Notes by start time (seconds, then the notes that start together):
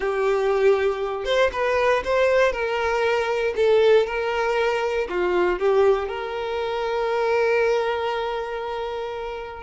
0.00 G4
1.25 C5
1.52 B4
2.04 C5
2.52 A#4
3.56 A4
4.06 A#4
5.09 F4
5.59 G4
6.08 A#4